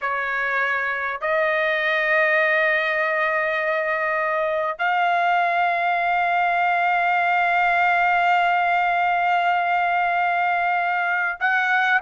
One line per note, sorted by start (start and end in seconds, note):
0.01 1.20 C#5
1.20 4.78 D#5
4.78 11.38 F5
11.39 11.99 F#5